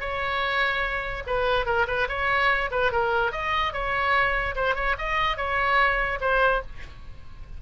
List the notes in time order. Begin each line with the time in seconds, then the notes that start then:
0.00 C#5
1.26 B4
1.65 A#4
1.87 B4
2.08 C#5
2.71 B4
2.92 A#4
3.31 D#5
3.73 C#5
4.55 C5
4.75 C#5
4.98 D#5
5.37 C#5
6.20 C5